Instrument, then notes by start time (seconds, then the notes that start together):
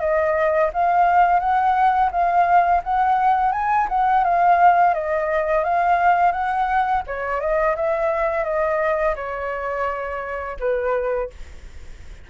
flute
0.00 D#5
0.73 F5
1.40 F#5
2.12 F5
2.84 F#5
3.52 G#5
3.89 F#5
4.24 F5
4.94 D#5
5.64 F5
6.32 F#5
7.07 C#5
7.41 D#5
7.76 E5
8.44 D#5
9.16 C#5
10.60 B4